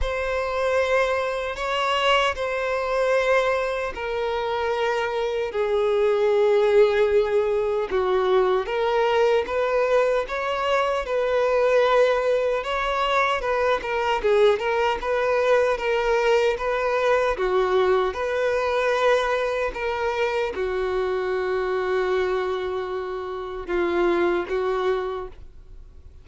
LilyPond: \new Staff \with { instrumentName = "violin" } { \time 4/4 \tempo 4 = 76 c''2 cis''4 c''4~ | c''4 ais'2 gis'4~ | gis'2 fis'4 ais'4 | b'4 cis''4 b'2 |
cis''4 b'8 ais'8 gis'8 ais'8 b'4 | ais'4 b'4 fis'4 b'4~ | b'4 ais'4 fis'2~ | fis'2 f'4 fis'4 | }